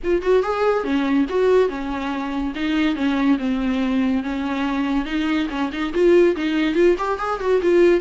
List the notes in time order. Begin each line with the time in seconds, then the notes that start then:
0.03 F4
0.22 F#4
0.42 G#4
0.83 C#4
1.29 F#4
1.68 C#4
2.55 D#4
2.95 C#4
3.38 C4
4.23 C#4
5.05 D#4
5.49 C#4
5.72 D#4
5.93 F4
6.36 D#4
6.74 F4
6.98 G4
7.19 G#4
7.40 F#4
7.62 F4